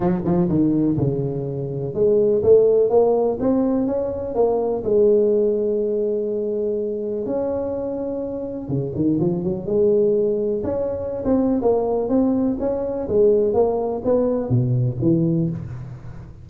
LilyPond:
\new Staff \with { instrumentName = "tuba" } { \time 4/4 \tempo 4 = 124 fis8 f8 dis4 cis2 | gis4 a4 ais4 c'4 | cis'4 ais4 gis2~ | gis2. cis'4~ |
cis'2 cis8 dis8 f8 fis8 | gis2 cis'4~ cis'16 c'8. | ais4 c'4 cis'4 gis4 | ais4 b4 b,4 e4 | }